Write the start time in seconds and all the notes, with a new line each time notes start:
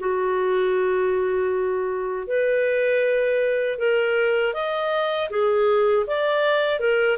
0.00 F#4
2.28 B4
3.79 A#4
4.54 D#5
5.30 G#4
6.07 D5
6.80 A#4